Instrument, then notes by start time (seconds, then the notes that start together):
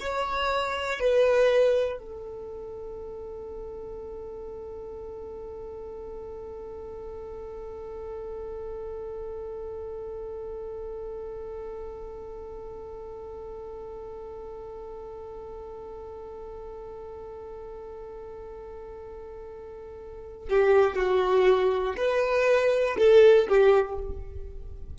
violin
0.00 C#5
1.00 B4
1.98 A4
20.49 G4
20.96 F#4
21.96 B4
22.98 A4
23.48 G4